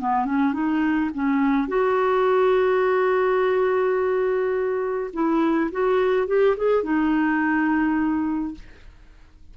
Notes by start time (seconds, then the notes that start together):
0.00 B3
0.25 C#4
0.54 D#4
1.14 C#4
1.68 F#4
5.14 E4
5.72 F#4
6.28 G4
6.57 G#4
6.83 D#4